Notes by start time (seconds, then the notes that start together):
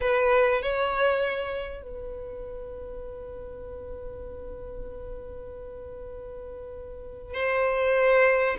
0.00 B4
0.62 C#5
1.83 B4
7.34 C5